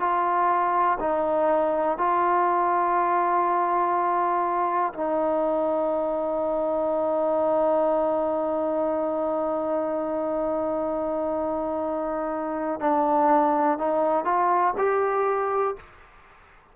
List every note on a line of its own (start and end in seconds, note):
0.00 0.98 F4
1.00 1.98 D#4
1.98 4.93 F4
4.94 12.80 D#4
12.80 13.78 D4
13.78 14.25 D#4
14.25 14.74 F4
14.78 15.76 G4